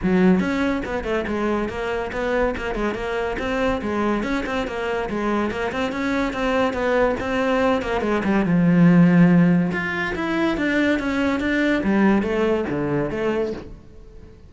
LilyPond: \new Staff \with { instrumentName = "cello" } { \time 4/4 \tempo 4 = 142 fis4 cis'4 b8 a8 gis4 | ais4 b4 ais8 gis8 ais4 | c'4 gis4 cis'8 c'8 ais4 | gis4 ais8 c'8 cis'4 c'4 |
b4 c'4. ais8 gis8 g8 | f2. f'4 | e'4 d'4 cis'4 d'4 | g4 a4 d4 a4 | }